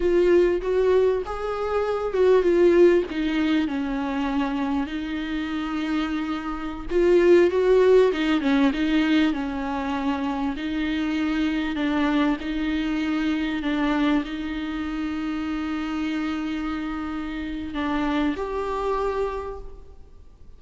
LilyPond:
\new Staff \with { instrumentName = "viola" } { \time 4/4 \tempo 4 = 98 f'4 fis'4 gis'4. fis'8 | f'4 dis'4 cis'2 | dis'2.~ dis'16 f'8.~ | f'16 fis'4 dis'8 cis'8 dis'4 cis'8.~ |
cis'4~ cis'16 dis'2 d'8.~ | d'16 dis'2 d'4 dis'8.~ | dis'1~ | dis'4 d'4 g'2 | }